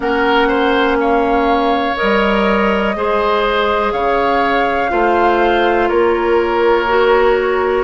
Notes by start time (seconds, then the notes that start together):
0.00 A#3 C#4 A#4 F#5
0.48 C5
1.00 C#5 F5
1.96 G3 A#4 D#5
2.95 G#3 G#4 C5
3.92 C#3 C#5 F5
4.89 A3 F4 C5
5.89 A#3 A#4 C#5
6.87 F#4